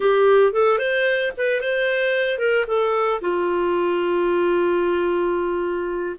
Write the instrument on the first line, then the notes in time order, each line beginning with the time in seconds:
clarinet
0.00 G4
0.52 A4
0.78 C5
1.37 B4
1.60 C5
2.38 A#4
2.67 A4
3.21 F4